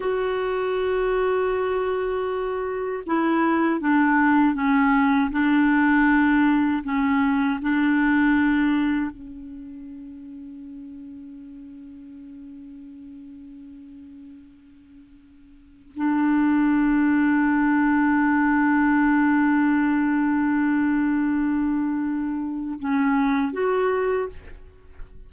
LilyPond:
\new Staff \with { instrumentName = "clarinet" } { \time 4/4 \tempo 4 = 79 fis'1 | e'4 d'4 cis'4 d'4~ | d'4 cis'4 d'2 | cis'1~ |
cis'1~ | cis'4 d'2.~ | d'1~ | d'2 cis'4 fis'4 | }